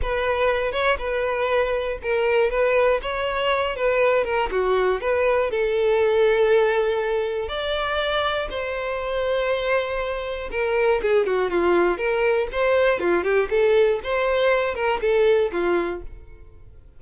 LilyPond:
\new Staff \with { instrumentName = "violin" } { \time 4/4 \tempo 4 = 120 b'4. cis''8 b'2 | ais'4 b'4 cis''4. b'8~ | b'8 ais'8 fis'4 b'4 a'4~ | a'2. d''4~ |
d''4 c''2.~ | c''4 ais'4 gis'8 fis'8 f'4 | ais'4 c''4 f'8 g'8 a'4 | c''4. ais'8 a'4 f'4 | }